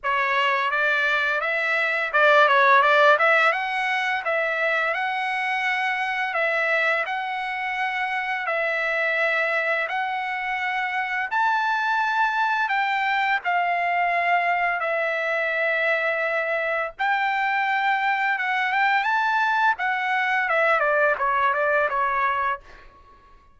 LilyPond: \new Staff \with { instrumentName = "trumpet" } { \time 4/4 \tempo 4 = 85 cis''4 d''4 e''4 d''8 cis''8 | d''8 e''8 fis''4 e''4 fis''4~ | fis''4 e''4 fis''2 | e''2 fis''2 |
a''2 g''4 f''4~ | f''4 e''2. | g''2 fis''8 g''8 a''4 | fis''4 e''8 d''8 cis''8 d''8 cis''4 | }